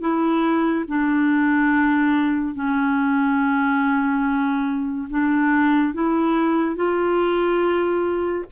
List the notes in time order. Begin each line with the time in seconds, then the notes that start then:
0.00 E4
0.87 D4
2.54 C#4
5.09 D4
5.93 E4
6.75 F4